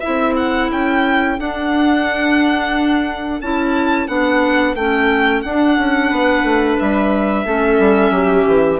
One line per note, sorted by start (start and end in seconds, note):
0.00 1.38 E4
0.00 6.10 A4
0.00 0.34 E5
0.07 0.71 C4
0.37 0.71 F#5
0.71 1.39 C#4
0.71 1.40 G5
1.39 3.41 D4
1.39 3.41 F#5
3.41 4.08 C#4
3.41 4.08 E4
3.41 4.08 A5
4.08 4.75 B3
4.08 4.76 D4
4.08 4.75 F#5
4.75 5.43 A3
4.75 5.46 C#4
4.75 5.42 G5
5.42 5.78 D4
5.42 7.47 D4
5.42 6.77 F#5
5.78 6.11 C#4
6.11 6.44 B3
6.11 7.46 B4
6.44 6.77 A3
6.80 7.45 G3
6.80 8.80 E5
7.45 7.79 A3
7.45 8.80 C#4
7.45 8.12 A4
7.79 8.11 G3
8.11 8.45 F#3
8.11 8.80 G4
8.47 8.80 E3